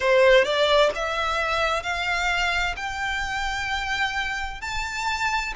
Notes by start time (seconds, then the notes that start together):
0.00 C5
0.44 D5
0.94 E5
1.83 F5
2.76 G5
4.61 A5